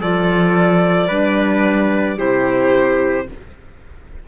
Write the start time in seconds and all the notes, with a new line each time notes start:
0.00 F3 F4 A4 D5
1.07 G3 D4 B4
2.16 C3 E4 G4 C5